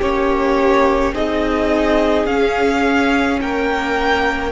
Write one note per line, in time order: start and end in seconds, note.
0.00 1.14 A#3
0.00 1.15 C#4
0.00 1.13 G4
0.00 1.15 C#5
1.14 2.27 C4
1.14 2.28 D#4
1.14 3.41 G#4
1.14 2.27 D#5
2.27 3.40 C#4
2.27 4.52 C#4
2.27 3.40 F5
3.41 4.52 A#3
3.41 4.52 A#4
3.41 4.52 G5